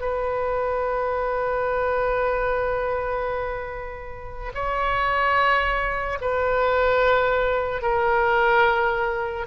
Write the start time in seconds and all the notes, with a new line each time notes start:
0.00 B4
4.54 C#5
6.21 B4
7.82 A#4